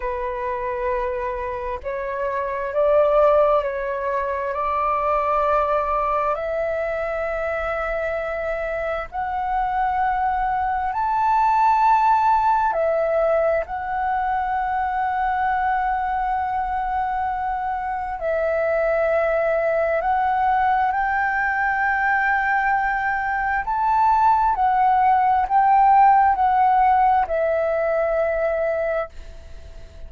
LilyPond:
\new Staff \with { instrumentName = "flute" } { \time 4/4 \tempo 4 = 66 b'2 cis''4 d''4 | cis''4 d''2 e''4~ | e''2 fis''2 | a''2 e''4 fis''4~ |
fis''1 | e''2 fis''4 g''4~ | g''2 a''4 fis''4 | g''4 fis''4 e''2 | }